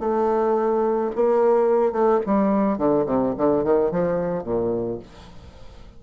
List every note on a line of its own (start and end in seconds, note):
0.00 1.11 A3
1.16 1.92 A#3
1.92 2.20 A3
2.27 2.78 G3
2.78 3.06 D3
3.06 3.34 C3
3.38 3.64 D3
3.64 3.91 D#3
3.91 4.44 F3
4.44 4.99 A#2